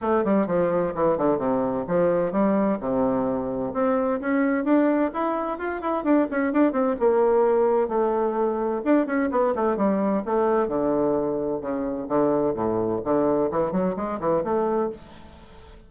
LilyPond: \new Staff \with { instrumentName = "bassoon" } { \time 4/4 \tempo 4 = 129 a8 g8 f4 e8 d8 c4 | f4 g4 c2 | c'4 cis'4 d'4 e'4 | f'8 e'8 d'8 cis'8 d'8 c'8 ais4~ |
ais4 a2 d'8 cis'8 | b8 a8 g4 a4 d4~ | d4 cis4 d4 a,4 | d4 e8 fis8 gis8 e8 a4 | }